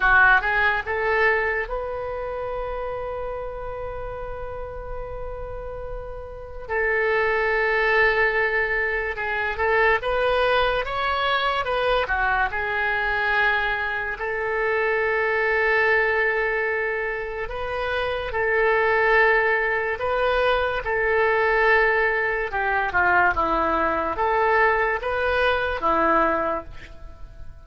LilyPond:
\new Staff \with { instrumentName = "oboe" } { \time 4/4 \tempo 4 = 72 fis'8 gis'8 a'4 b'2~ | b'1 | a'2. gis'8 a'8 | b'4 cis''4 b'8 fis'8 gis'4~ |
gis'4 a'2.~ | a'4 b'4 a'2 | b'4 a'2 g'8 f'8 | e'4 a'4 b'4 e'4 | }